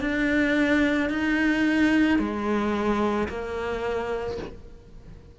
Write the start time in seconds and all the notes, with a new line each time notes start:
0.00 D4
1.09 D#4
2.19 G#3
3.28 A#3